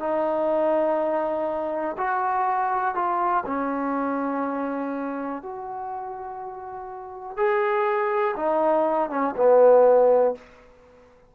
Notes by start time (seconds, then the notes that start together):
0.00 D#4
1.98 F#4
2.95 F4
3.46 C#4
5.43 F#4
7.37 G#4
8.37 D#4
9.11 C#4
9.37 B3